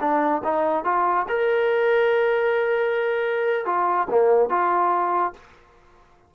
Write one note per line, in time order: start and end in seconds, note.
0.00 0.42 D4
0.44 0.84 D#4
0.84 1.26 F4
1.29 3.65 A#4
3.65 4.07 F4
4.10 4.49 A#3
4.49 5.33 F4